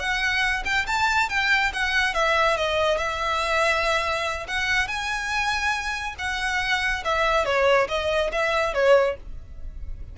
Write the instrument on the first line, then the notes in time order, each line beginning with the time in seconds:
violin
0.00 F#5
0.65 G5
0.87 A5
1.30 G5
1.73 F#5
2.15 E5
2.57 D#5
2.98 E5
4.48 F#5
4.88 G#5
6.19 F#5
7.05 E5
7.45 C#5
7.89 D#5
8.32 E5
8.74 C#5